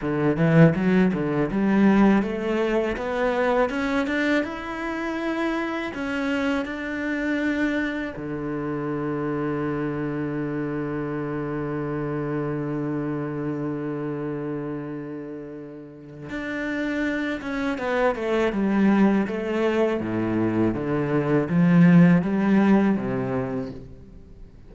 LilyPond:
\new Staff \with { instrumentName = "cello" } { \time 4/4 \tempo 4 = 81 d8 e8 fis8 d8 g4 a4 | b4 cis'8 d'8 e'2 | cis'4 d'2 d4~ | d1~ |
d1~ | d2 d'4. cis'8 | b8 a8 g4 a4 a,4 | d4 f4 g4 c4 | }